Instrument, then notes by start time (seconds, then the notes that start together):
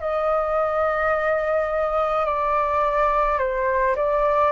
flute
0.00 D#5
2.25 D5
3.39 C5
3.96 D5